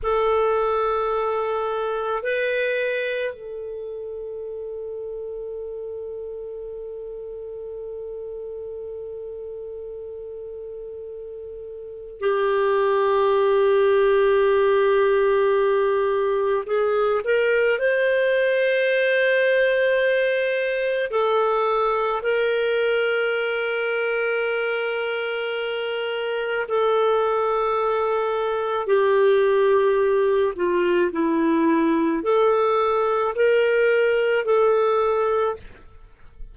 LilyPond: \new Staff \with { instrumentName = "clarinet" } { \time 4/4 \tempo 4 = 54 a'2 b'4 a'4~ | a'1~ | a'2. g'4~ | g'2. gis'8 ais'8 |
c''2. a'4 | ais'1 | a'2 g'4. f'8 | e'4 a'4 ais'4 a'4 | }